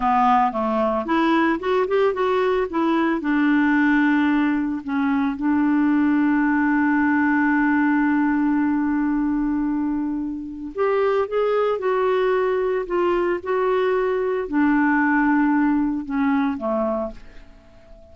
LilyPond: \new Staff \with { instrumentName = "clarinet" } { \time 4/4 \tempo 4 = 112 b4 a4 e'4 fis'8 g'8 | fis'4 e'4 d'2~ | d'4 cis'4 d'2~ | d'1~ |
d'1 | g'4 gis'4 fis'2 | f'4 fis'2 d'4~ | d'2 cis'4 a4 | }